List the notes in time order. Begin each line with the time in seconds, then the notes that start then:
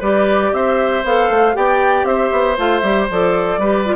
0.00 G3 G4 B4 D5
0.53 C4 C5 E5
1.04 B3 A4 F5
1.29 A3
1.54 B3 G4 D5 G5
2.04 C4 C5 E5
2.32 B3
2.57 A3 F4 F5
2.79 G3 G4 E5
3.10 F3 A4 D5
3.58 G3 G4 B4
3.86 F4